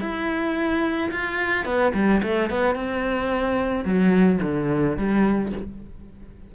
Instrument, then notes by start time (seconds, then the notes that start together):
cello
0.00 E4
1.11 F4
1.65 B3
1.94 G3
2.22 A3
2.49 B3
2.75 C4
3.84 F#3
4.42 D3
4.97 G3